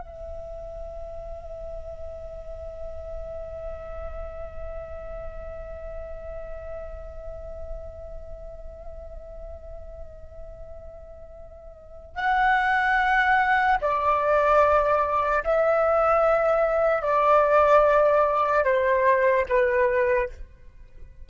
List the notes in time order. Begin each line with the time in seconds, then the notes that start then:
0.00 E5
12.15 F#5
13.81 D5
15.44 E5
17.02 D5
18.64 C5
19.49 B4